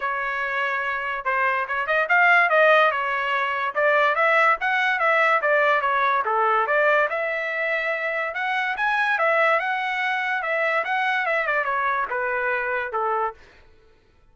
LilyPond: \new Staff \with { instrumentName = "trumpet" } { \time 4/4 \tempo 4 = 144 cis''2. c''4 | cis''8 dis''8 f''4 dis''4 cis''4~ | cis''4 d''4 e''4 fis''4 | e''4 d''4 cis''4 a'4 |
d''4 e''2. | fis''4 gis''4 e''4 fis''4~ | fis''4 e''4 fis''4 e''8 d''8 | cis''4 b'2 a'4 | }